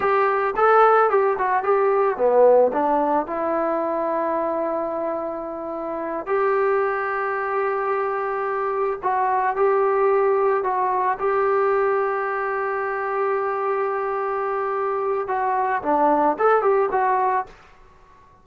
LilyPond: \new Staff \with { instrumentName = "trombone" } { \time 4/4 \tempo 4 = 110 g'4 a'4 g'8 fis'8 g'4 | b4 d'4 e'2~ | e'2.~ e'8 g'8~ | g'1~ |
g'8 fis'4 g'2 fis'8~ | fis'8 g'2.~ g'8~ | g'1 | fis'4 d'4 a'8 g'8 fis'4 | }